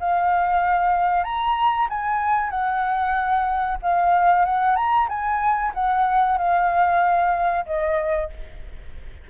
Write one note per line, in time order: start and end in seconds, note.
0.00 1.24 F5
1.24 1.88 A#5
1.89 2.50 G#5
2.50 3.78 F#5
3.82 4.45 F5
4.45 4.76 F#5
4.76 5.08 A#5
5.09 5.72 G#5
5.74 6.38 F#5
6.38 7.66 F5
7.66 8.30 D#5